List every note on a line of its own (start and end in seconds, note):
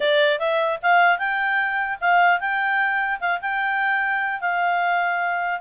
0.00 0.39 D5
0.39 0.79 E5
0.82 1.18 F5
1.18 1.98 G5
2.00 2.40 F5
2.40 3.20 G5
3.20 3.40 F5
3.41 4.40 G5
4.40 5.60 F5